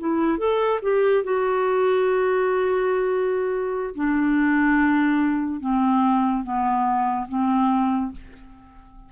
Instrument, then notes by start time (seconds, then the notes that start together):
clarinet
0.00 E4
0.39 A4
0.83 G4
1.24 F#4
3.96 D4
5.61 C4
6.44 B3
7.29 C4